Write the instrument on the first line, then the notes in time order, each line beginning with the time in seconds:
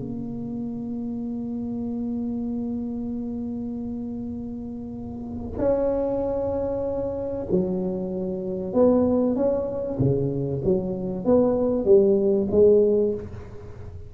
tuba
0.00 A#3
5.59 C#4
7.52 F#3
8.74 B3
9.36 C#4
10.00 C#3
10.64 F#3
11.26 B3
11.86 G3
12.52 G#3